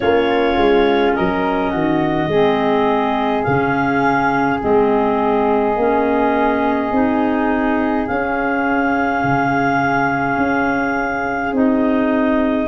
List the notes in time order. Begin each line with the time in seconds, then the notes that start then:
0.00 A#3 C#4 F4 C#5
0.57 G#3
1.15 F#3 A#4 D#5
1.69 D#3 F#4
2.26 G#3 C4 G#4
3.43 C#3 C#4 F5
4.60 G#3 C4 D#5
5.76 A#3 C#4
6.91 C4 D#4
8.07 C#4 F5
9.23 C#3
10.37 C#4
11.52 C4 D#4 D#5